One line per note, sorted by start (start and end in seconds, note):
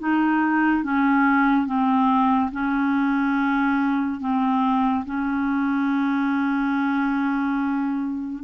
0.00 0.84 D#4
0.84 1.67 C#4
1.67 2.51 C4
2.52 4.21 C#4
4.21 5.05 C4
5.06 8.44 C#4